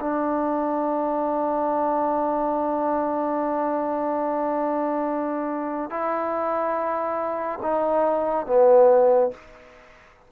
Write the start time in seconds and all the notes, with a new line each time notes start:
0.00 D4
5.90 E4
7.62 D#4
8.46 B3